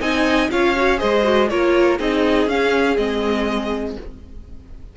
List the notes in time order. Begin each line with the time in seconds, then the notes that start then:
0.00 C4 D#4 D#5 G#5
0.51 C#4 F4 C#5 F5
0.77 F#4
0.98 G#3 G#4 C5 D#5
1.24 F#4
1.49 A#3 F4 A#4 C#5
1.99 C4 D#4 G#4 D#5
2.47 C#4 F5
2.97 G#3 C4 D#5